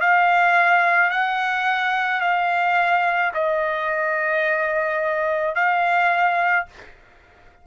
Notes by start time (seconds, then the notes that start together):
0.00 F5
1.10 F#5
2.21 F5
3.34 D#5
5.55 F5